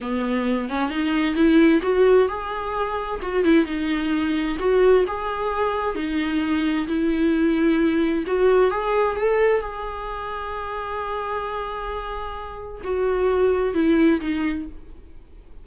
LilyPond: \new Staff \with { instrumentName = "viola" } { \time 4/4 \tempo 4 = 131 b4. cis'8 dis'4 e'4 | fis'4 gis'2 fis'8 e'8 | dis'2 fis'4 gis'4~ | gis'4 dis'2 e'4~ |
e'2 fis'4 gis'4 | a'4 gis'2.~ | gis'1 | fis'2 e'4 dis'4 | }